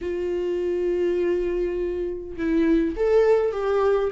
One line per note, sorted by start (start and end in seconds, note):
0.01 2.36 F4
2.37 2.95 E4
2.96 3.52 A4
3.52 4.10 G4